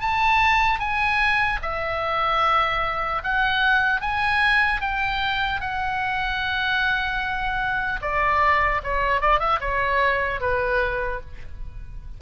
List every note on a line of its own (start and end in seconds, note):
0.00 0.79 A5
0.79 1.59 G#5
1.62 3.22 E5
3.23 4.01 F#5
4.01 4.81 G#5
4.81 5.60 G5
5.60 8.00 F#5
8.01 8.81 D5
8.83 9.21 C#5
9.21 9.39 D5
9.39 9.59 E5
9.60 10.40 C#5
10.40 11.20 B4